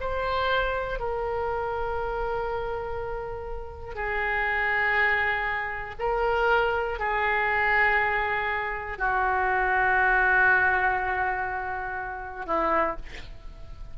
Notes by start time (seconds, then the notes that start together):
0.00 C5
0.99 A#4
3.95 G#4
5.99 A#4
6.99 G#4
8.98 F#4
12.46 E4